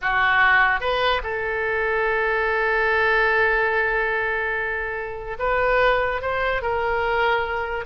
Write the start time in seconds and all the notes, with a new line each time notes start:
0.01 F#4
0.80 B4
1.23 A4
5.38 B4
6.21 C5
6.62 A#4